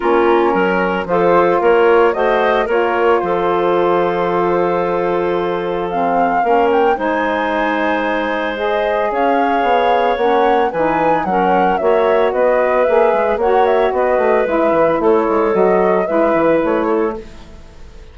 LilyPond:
<<
  \new Staff \with { instrumentName = "flute" } { \time 4/4 \tempo 4 = 112 ais'2 c''4 cis''4 | dis''4 cis''4 c''2~ | c''2. f''4~ | f''8 g''8 gis''2. |
dis''4 f''2 fis''4 | gis''4 fis''4 e''4 dis''4 | e''4 fis''8 e''8 dis''4 e''4 | cis''4 dis''4 e''4 cis''4 | }
  \new Staff \with { instrumentName = "clarinet" } { \time 4/4 f'4 ais'4 a'4 ais'4 | c''4 ais'4 a'2~ | a'1 | ais'4 c''2.~ |
c''4 cis''2. | b'4 ais'4 cis''4 b'4~ | b'4 cis''4 b'2 | a'2 b'4. a'8 | }
  \new Staff \with { instrumentName = "saxophone" } { \time 4/4 cis'2 f'2 | fis'4 f'2.~ | f'2. c'4 | cis'4 dis'2. |
gis'2. cis'4 | dis'4 cis'4 fis'2 | gis'4 fis'2 e'4~ | e'4 fis'4 e'2 | }
  \new Staff \with { instrumentName = "bassoon" } { \time 4/4 ais4 fis4 f4 ais4 | a4 ais4 f2~ | f1 | ais4 gis2.~ |
gis4 cis'4 b4 ais4 | e4 fis4 ais4 b4 | ais8 gis8 ais4 b8 a8 gis8 e8 | a8 gis8 fis4 gis8 e8 a4 | }
>>